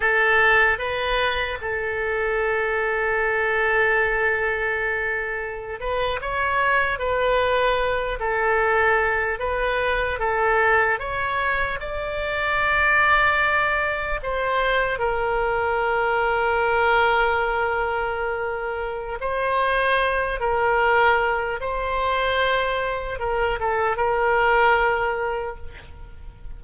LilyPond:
\new Staff \with { instrumentName = "oboe" } { \time 4/4 \tempo 4 = 75 a'4 b'4 a'2~ | a'2.~ a'16 b'8 cis''16~ | cis''8. b'4. a'4. b'16~ | b'8. a'4 cis''4 d''4~ d''16~ |
d''4.~ d''16 c''4 ais'4~ ais'16~ | ais'1 | c''4. ais'4. c''4~ | c''4 ais'8 a'8 ais'2 | }